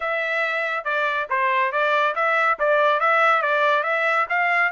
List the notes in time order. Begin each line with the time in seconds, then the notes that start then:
0.00 E5
0.84 D5
1.29 C5
1.72 D5
2.15 E5
2.59 D5
3.00 E5
3.42 D5
3.83 E5
4.29 F5